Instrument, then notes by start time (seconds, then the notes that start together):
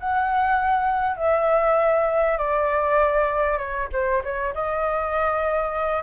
flute
0.00 F#5
1.17 E5
2.38 D5
3.58 C#5
3.93 C5
4.24 C#5
4.55 D#5